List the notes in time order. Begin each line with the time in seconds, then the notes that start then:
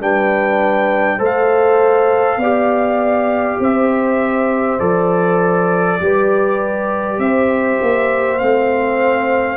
0.00 G3 D4 B4 G5
1.17 A3 A4 C5
1.25 F5
2.37 B3 G4 D5
3.59 C4 C5 E5
4.79 F3 A4 D5
6.00 G3 G4 B4
7.19 C4 C5 E5
7.82 A#3
8.39 A3 C4 F5